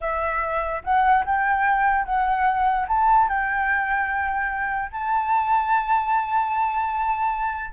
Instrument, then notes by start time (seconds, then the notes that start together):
flute
0.00 E5
0.84 F#5
1.25 G5
2.04 F#5
2.88 A5
3.28 G5
4.91 A5